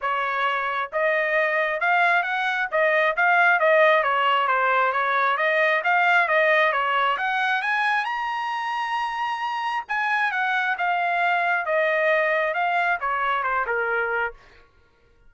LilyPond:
\new Staff \with { instrumentName = "trumpet" } { \time 4/4 \tempo 4 = 134 cis''2 dis''2 | f''4 fis''4 dis''4 f''4 | dis''4 cis''4 c''4 cis''4 | dis''4 f''4 dis''4 cis''4 |
fis''4 gis''4 ais''2~ | ais''2 gis''4 fis''4 | f''2 dis''2 | f''4 cis''4 c''8 ais'4. | }